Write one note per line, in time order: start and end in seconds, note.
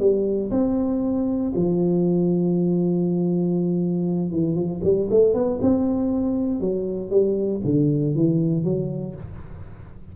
0.00 0.51 G3
0.51 1.53 C4
1.56 4.32 F3
4.32 4.56 E3
4.56 4.81 F3
4.84 5.09 G3
5.11 5.35 A3
5.35 5.60 B3
5.62 6.61 C4
6.61 7.11 F#3
7.11 7.62 G3
7.65 8.16 D3
8.16 8.65 E3
8.65 9.15 F#3